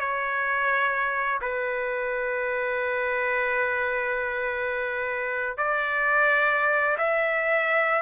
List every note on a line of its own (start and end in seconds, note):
0.00 1.40 C#5
1.41 5.58 B4
5.58 6.97 D5
6.97 8.02 E5